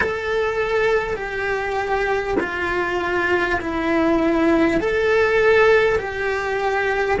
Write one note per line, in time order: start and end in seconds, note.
0.00 1.16 A4
1.16 2.36 G4
2.39 3.59 F4
3.61 4.80 E4
4.80 5.98 A4
5.98 7.18 G4